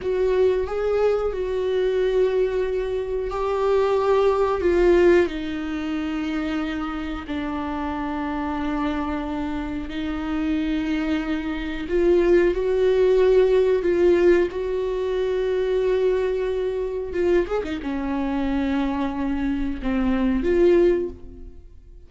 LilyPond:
\new Staff \with { instrumentName = "viola" } { \time 4/4 \tempo 4 = 91 fis'4 gis'4 fis'2~ | fis'4 g'2 f'4 | dis'2. d'4~ | d'2. dis'4~ |
dis'2 f'4 fis'4~ | fis'4 f'4 fis'2~ | fis'2 f'8 gis'16 dis'16 cis'4~ | cis'2 c'4 f'4 | }